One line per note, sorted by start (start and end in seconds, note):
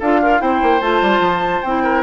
0.00 0.42 D4
0.00 0.23 F4
0.00 0.21 A4
0.00 0.41 F5
0.22 0.42 F4
0.22 0.39 A#4
0.39 0.62 C4
0.39 0.80 E4
0.39 1.84 C5
0.39 0.81 G5
0.63 0.81 A#3
0.81 1.02 A3
0.81 1.64 F4
0.81 1.62 A5
1.02 1.20 G3
1.20 1.61 F3
1.62 2.04 C4
1.62 2.04 E4
1.62 2.03 G5
1.84 2.04 A#4